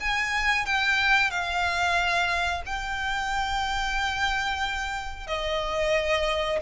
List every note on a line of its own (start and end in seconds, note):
0.00 0.65 G#5
0.65 1.30 G5
1.30 2.62 F5
2.66 5.27 G5
5.27 6.59 D#5